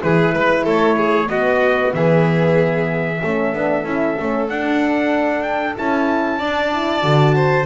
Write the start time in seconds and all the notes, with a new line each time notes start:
0.00 E3 E4 G#4 B4
0.34 G#3 B4
0.64 A3 A4 C#5
0.97 G#4
1.26 B3 F#4 D#5
1.93 E3 G#4 E5
3.21 A3 C#4 A4
3.54 B3 D4
3.84 C#4 E4
4.17 A3 C#4
4.49 D4 F#5
5.42 G5
5.76 C#4 E4 A5
6.39 D4 D5
6.72 E4
7.01 D3 F#4
7.35 C5